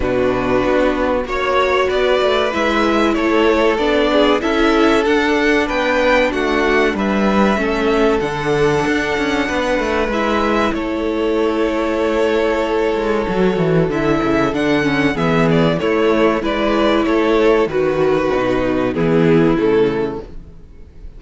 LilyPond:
<<
  \new Staff \with { instrumentName = "violin" } { \time 4/4 \tempo 4 = 95 b'2 cis''4 d''4 | e''4 cis''4 d''4 e''4 | fis''4 g''4 fis''4 e''4~ | e''4 fis''2. |
e''4 cis''2.~ | cis''2 e''4 fis''4 | e''8 d''8 cis''4 d''4 cis''4 | b'2 gis'4 a'4 | }
  \new Staff \with { instrumentName = "violin" } { \time 4/4 fis'2 cis''4 b'4~ | b'4 a'4. gis'8 a'4~ | a'4 b'4 fis'4 b'4 | a'2. b'4~ |
b'4 a'2.~ | a'1 | gis'4 e'4 b'4 a'4 | fis'2 e'2 | }
  \new Staff \with { instrumentName = "viola" } { \time 4/4 d'2 fis'2 | e'2 d'4 e'4 | d'1 | cis'4 d'2. |
e'1~ | e'4 fis'4 e'4 d'8 cis'8 | b4 a4 e'2 | fis'4 dis'4 b4 a4 | }
  \new Staff \with { instrumentName = "cello" } { \time 4/4 b,4 b4 ais4 b8 a8 | gis4 a4 b4 cis'4 | d'4 b4 a4 g4 | a4 d4 d'8 cis'8 b8 a8 |
gis4 a2.~ | a8 gis8 fis8 e8 d8 cis8 d4 | e4 a4 gis4 a4 | dis4 b,4 e4 cis4 | }
>>